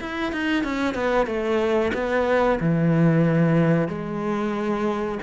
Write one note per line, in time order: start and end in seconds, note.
0.00 0.32 E4
0.32 0.64 D#4
0.64 0.94 C#4
0.94 1.27 B3
1.27 1.92 A3
1.94 2.59 B3
2.60 3.88 E3
3.88 5.19 G#3